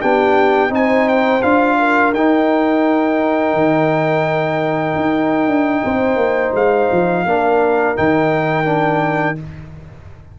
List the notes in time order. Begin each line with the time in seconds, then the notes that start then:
0.00 B3 D4 G4 G5
0.70 C4 D#4 C5 G#5
1.09 G5
1.42 D4 F4 F5
1.79 A#4
2.14 D#4 G5
3.54 D#3
4.96 D#4
5.47 D4
5.84 C4 C5
6.16 A#3
6.54 G#3 F5
6.92 F3
7.25 A#3 D4 A#4
7.96 D#3 D#4 G5
8.65 D4